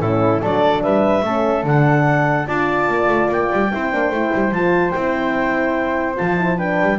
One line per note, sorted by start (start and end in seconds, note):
0.00 0.41 A2
0.00 0.43 C#4
0.00 0.41 E4
0.00 0.42 A4
0.41 0.84 F#3
0.41 1.25 D4
0.41 0.83 A4
0.41 0.83 D5
0.83 1.23 G3
0.83 1.24 B4
0.83 1.65 E5
1.23 1.64 A3
1.23 1.65 C#4
1.23 2.48 A4
1.64 2.46 D3
1.64 2.47 D4
1.64 2.48 F#5
2.47 2.88 D4
2.47 3.70 F4
2.47 3.71 D5
2.47 3.30 A5
2.88 3.08 A#3
3.08 3.28 A3
3.29 3.49 A#3
3.29 4.53 G5
3.53 3.74 G3
3.72 3.93 C4
3.72 3.92 E4
3.72 6.57 C5
3.92 4.10 A#3
3.92 4.12 D4
4.10 4.31 A3
4.10 4.54 E4
4.34 4.51 G3
4.51 4.93 F3
4.51 4.94 F4
4.51 4.91 A5
4.91 6.19 C4
4.91 6.16 E4
4.91 6.14 G5
6.16 6.82 F3
6.16 6.36 F4
6.16 6.59 A5
6.37 6.58 E4
6.57 6.99 D4
6.57 6.98 B4
6.57 6.99 G5
6.82 6.99 G3